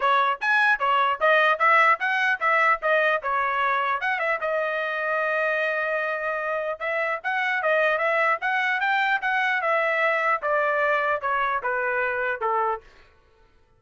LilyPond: \new Staff \with { instrumentName = "trumpet" } { \time 4/4 \tempo 4 = 150 cis''4 gis''4 cis''4 dis''4 | e''4 fis''4 e''4 dis''4 | cis''2 fis''8 e''8 dis''4~ | dis''1~ |
dis''4 e''4 fis''4 dis''4 | e''4 fis''4 g''4 fis''4 | e''2 d''2 | cis''4 b'2 a'4 | }